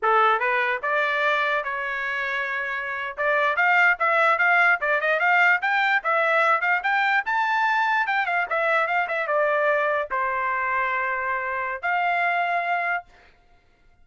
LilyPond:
\new Staff \with { instrumentName = "trumpet" } { \time 4/4 \tempo 4 = 147 a'4 b'4 d''2 | cis''2.~ cis''8. d''16~ | d''8. f''4 e''4 f''4 d''16~ | d''16 dis''8 f''4 g''4 e''4~ e''16~ |
e''16 f''8 g''4 a''2 g''16~ | g''16 f''8 e''4 f''8 e''8 d''4~ d''16~ | d''8. c''2.~ c''16~ | c''4 f''2. | }